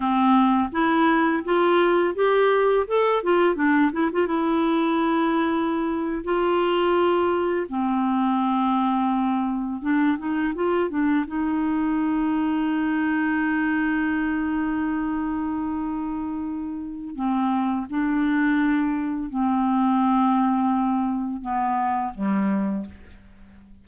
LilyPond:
\new Staff \with { instrumentName = "clarinet" } { \time 4/4 \tempo 4 = 84 c'4 e'4 f'4 g'4 | a'8 f'8 d'8 e'16 f'16 e'2~ | e'8. f'2 c'4~ c'16~ | c'4.~ c'16 d'8 dis'8 f'8 d'8 dis'16~ |
dis'1~ | dis'1 | c'4 d'2 c'4~ | c'2 b4 g4 | }